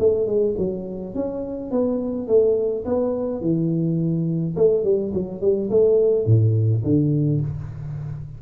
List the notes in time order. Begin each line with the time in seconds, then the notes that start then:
0.00 A3
0.27 G#3
0.58 F#3
1.15 C#4
1.71 B3
2.28 A3
2.85 B3
3.42 E3
4.57 A3
4.84 G3
5.14 F#3
5.42 G3
5.70 A3
6.26 A2
6.84 D3